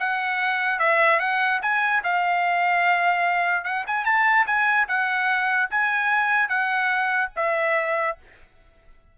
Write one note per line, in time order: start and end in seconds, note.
0.00 0.80 F#5
0.80 1.20 E5
1.20 1.61 F#5
1.63 2.03 G#5
2.04 3.65 F5
3.65 3.85 F#5
3.87 4.06 G#5
4.06 4.46 A5
4.47 4.88 G#5
4.88 5.70 F#5
5.71 6.49 G#5
6.49 7.31 F#5
7.37 8.18 E5